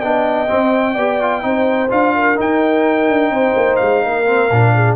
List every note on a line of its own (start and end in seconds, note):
0.00 0.50 B3
0.00 0.48 D4
0.00 0.94 D#5
0.00 1.90 G5
0.48 0.95 C4
0.48 0.97 C4
0.95 1.44 B3
0.95 1.21 G4
0.95 1.42 D5
1.21 1.42 F4
1.42 1.91 C4
1.42 1.89 D#4
1.42 2.15 C5
1.89 2.38 D4
1.89 2.36 F4
1.89 2.38 F5
2.15 3.32 A#4
2.36 4.25 D#4
2.36 3.09 D#4
2.36 3.76 G5
3.09 3.31 D4
3.31 3.54 C4
3.31 4.03 C5
3.57 3.80 A#3
3.76 4.05 G#3
3.76 4.95 F5
4.03 4.51 A#3
4.03 4.74 A#4
4.26 4.49 C4
4.51 4.96 A#2
4.51 4.96 D4
4.75 4.96 G#4